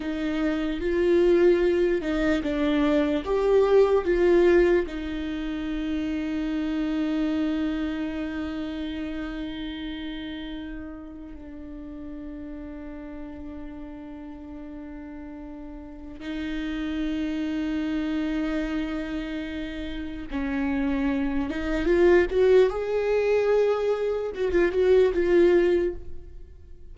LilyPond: \new Staff \with { instrumentName = "viola" } { \time 4/4 \tempo 4 = 74 dis'4 f'4. dis'8 d'4 | g'4 f'4 dis'2~ | dis'1~ | dis'2 d'2~ |
d'1 | dis'1~ | dis'4 cis'4. dis'8 f'8 fis'8 | gis'2 fis'16 f'16 fis'8 f'4 | }